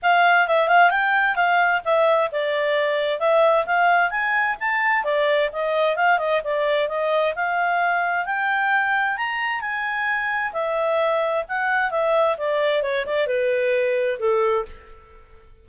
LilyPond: \new Staff \with { instrumentName = "clarinet" } { \time 4/4 \tempo 4 = 131 f''4 e''8 f''8 g''4 f''4 | e''4 d''2 e''4 | f''4 gis''4 a''4 d''4 | dis''4 f''8 dis''8 d''4 dis''4 |
f''2 g''2 | ais''4 gis''2 e''4~ | e''4 fis''4 e''4 d''4 | cis''8 d''8 b'2 a'4 | }